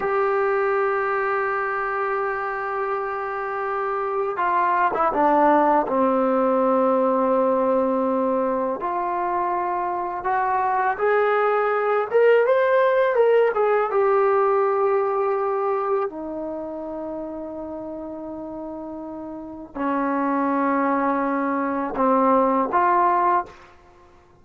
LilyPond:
\new Staff \with { instrumentName = "trombone" } { \time 4/4 \tempo 4 = 82 g'1~ | g'2 f'8. e'16 d'4 | c'1 | f'2 fis'4 gis'4~ |
gis'8 ais'8 c''4 ais'8 gis'8 g'4~ | g'2 dis'2~ | dis'2. cis'4~ | cis'2 c'4 f'4 | }